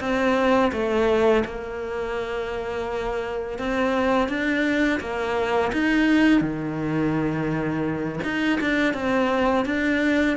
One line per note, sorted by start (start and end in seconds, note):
0.00 0.71 C4
0.72 1.44 A3
1.45 3.58 A#3
3.58 4.28 C4
4.28 5.00 D4
5.00 5.71 A#3
5.72 6.41 D#4
6.41 8.19 D#3
8.24 8.59 D#4
8.60 8.94 D4
8.94 9.65 C4
9.65 10.37 D4